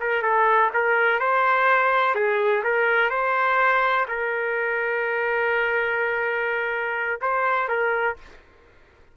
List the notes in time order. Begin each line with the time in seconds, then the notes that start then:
0.00 A#4
0.22 A4
0.74 A#4
1.20 C5
2.15 G#4
2.63 A#4
3.10 C5
4.08 A#4
7.21 C5
7.68 A#4